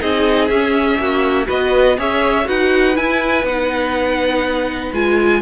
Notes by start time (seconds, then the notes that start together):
0.00 C4 D#4 G#4 D#5
0.48 C#4 E5
0.99 A#3 F#4
1.46 B3 F#4 B4 D#5
1.98 C#4 G#4 C#5 E5
2.45 D#4 F#4 B4 F#5
2.96 E4 G#5
3.43 B3 D#4 F#5
4.93 G#3 F4 G#5